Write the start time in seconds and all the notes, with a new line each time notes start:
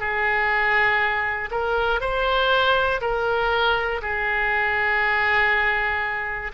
0.00 G#4
1.51 A#4
2.01 C5
3.01 A#4
4.02 G#4